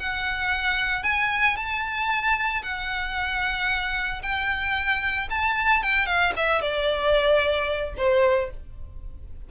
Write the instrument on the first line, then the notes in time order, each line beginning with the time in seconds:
violin
0.00 F#5
1.04 G#5
1.57 A5
2.63 F#5
4.23 G5
5.30 A5
5.83 G5
6.07 F5
6.37 E5
6.62 D5
7.98 C5